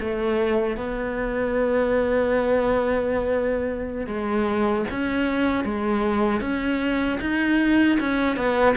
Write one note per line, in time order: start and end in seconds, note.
0.00 0.77 A3
0.77 4.07 B3
4.07 4.85 G#3
4.91 5.64 C#4
5.64 6.41 G#3
6.41 7.19 C#4
7.20 7.98 D#4
7.99 8.36 C#4
8.36 8.75 B3